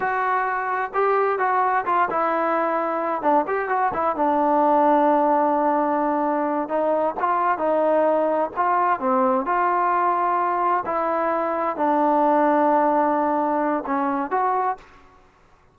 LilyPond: \new Staff \with { instrumentName = "trombone" } { \time 4/4 \tempo 4 = 130 fis'2 g'4 fis'4 | f'8 e'2~ e'8 d'8 g'8 | fis'8 e'8 d'2.~ | d'2~ d'8 dis'4 f'8~ |
f'8 dis'2 f'4 c'8~ | c'8 f'2. e'8~ | e'4. d'2~ d'8~ | d'2 cis'4 fis'4 | }